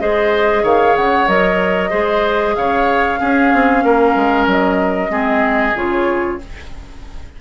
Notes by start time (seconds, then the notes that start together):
0.00 G#3 G#4 C5 D#5
0.63 D#3 C#5 F5
0.96 C#3 F#5
1.27 F#3 A#4 D#5
1.90 G#3 G#4 C5
2.55 C#3 C#5 F5
3.20 C#4 G#4
3.53 C4
3.84 A#3 A#4
4.15 G#3
4.46 F#3 D#5
5.09 G#3 C4 G#4
5.75 C#3 F4 C#5